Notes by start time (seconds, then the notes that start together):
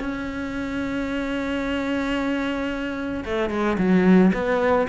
0.00 C#4
3.25 A3
3.50 G#3
3.78 F#3
4.34 B3